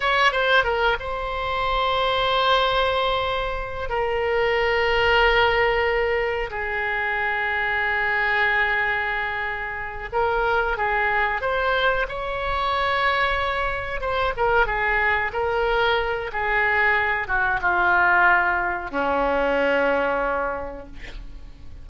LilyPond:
\new Staff \with { instrumentName = "oboe" } { \time 4/4 \tempo 4 = 92 cis''8 c''8 ais'8 c''2~ c''8~ | c''2 ais'2~ | ais'2 gis'2~ | gis'2.~ gis'8 ais'8~ |
ais'8 gis'4 c''4 cis''4.~ | cis''4. c''8 ais'8 gis'4 ais'8~ | ais'4 gis'4. fis'8 f'4~ | f'4 cis'2. | }